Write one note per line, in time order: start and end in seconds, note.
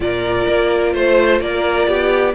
0.00 0.45 A#2
0.00 2.33 F4
0.00 0.93 A#4
0.00 0.94 D5
0.48 0.94 A#3
0.93 1.40 A3
0.93 1.40 C5
0.93 1.41 C5
1.40 1.87 A#3
1.40 1.88 A#4
1.40 2.34 D5
1.87 2.34 B3
1.87 2.34 G4